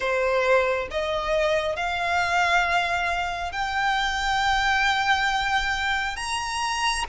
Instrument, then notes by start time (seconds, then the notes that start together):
violin
0.00 C5
0.90 D#5
1.76 F5
3.51 G5
6.16 A#5